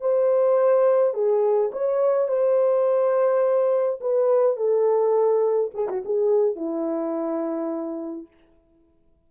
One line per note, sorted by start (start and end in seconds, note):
0.00 1.14 C5
1.14 1.71 G#4
1.72 2.28 C#5
2.28 3.99 C5
4.00 4.56 B4
4.56 5.70 A4
5.74 5.88 G#4
5.88 6.03 F#4
6.04 6.56 G#4
6.56 8.27 E4